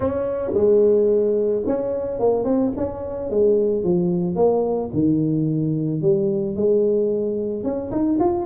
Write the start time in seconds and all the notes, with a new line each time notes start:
0.00 C#4
0.53 G#3
1.66 C#4
2.19 A#3
2.44 C4
2.76 C#4
3.30 G#3
3.83 F3
4.35 A#3
4.93 D#3
6.01 G3
6.56 G#3
7.63 C#4
7.91 D#4
8.19 F4